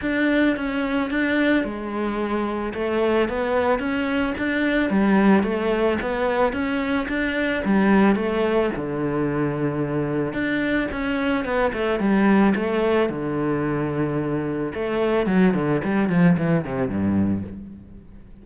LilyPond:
\new Staff \with { instrumentName = "cello" } { \time 4/4 \tempo 4 = 110 d'4 cis'4 d'4 gis4~ | gis4 a4 b4 cis'4 | d'4 g4 a4 b4 | cis'4 d'4 g4 a4 |
d2. d'4 | cis'4 b8 a8 g4 a4 | d2. a4 | fis8 d8 g8 f8 e8 c8 g,4 | }